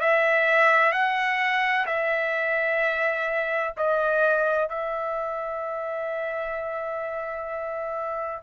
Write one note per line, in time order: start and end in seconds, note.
0.00 0.92 E5
0.92 1.86 F#5
1.86 3.74 E5
3.77 4.69 D#5
4.69 8.42 E5